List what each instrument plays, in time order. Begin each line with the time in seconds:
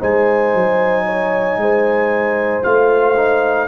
0.00 tuba G#3, trombone D#4, horn C5, trumpet G#5
0.54 tuba F#3
1.06 horn C#5
1.57 tuba G#3, horn C5
2.62 tuba A3, trombone F4, trumpet F5
3.17 trombone D#4